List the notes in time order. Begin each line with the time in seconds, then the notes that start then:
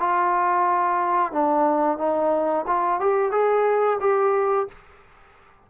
0.00 F4
1.32 D4
1.98 D#4
2.67 F4
3.00 G4
3.32 G#4
4.01 G4